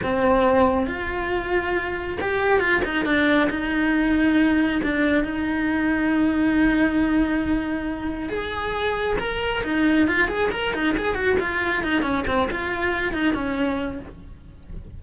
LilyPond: \new Staff \with { instrumentName = "cello" } { \time 4/4 \tempo 4 = 137 c'2 f'2~ | f'4 g'4 f'8 dis'8 d'4 | dis'2. d'4 | dis'1~ |
dis'2. gis'4~ | gis'4 ais'4 dis'4 f'8 gis'8 | ais'8 dis'8 gis'8 fis'8 f'4 dis'8 cis'8 | c'8 f'4. dis'8 cis'4. | }